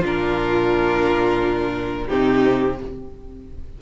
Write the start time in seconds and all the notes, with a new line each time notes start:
0.00 A#2 D4 F4
0.06 A#4
2.08 C3 C4 D#4 G4